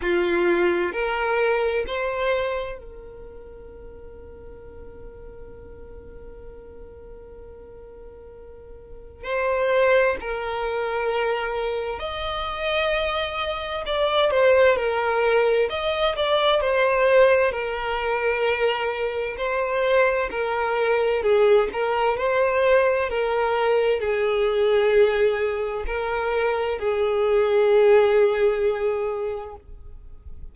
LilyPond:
\new Staff \with { instrumentName = "violin" } { \time 4/4 \tempo 4 = 65 f'4 ais'4 c''4 ais'4~ | ais'1~ | ais'2 c''4 ais'4~ | ais'4 dis''2 d''8 c''8 |
ais'4 dis''8 d''8 c''4 ais'4~ | ais'4 c''4 ais'4 gis'8 ais'8 | c''4 ais'4 gis'2 | ais'4 gis'2. | }